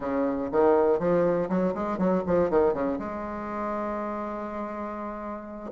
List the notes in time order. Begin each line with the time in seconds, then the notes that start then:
0.00 C#3
0.51 D#3
0.99 F3
1.49 F#3
1.74 G#3
1.97 F#3
2.26 F3
2.50 D#3
2.73 C#3
2.98 G#3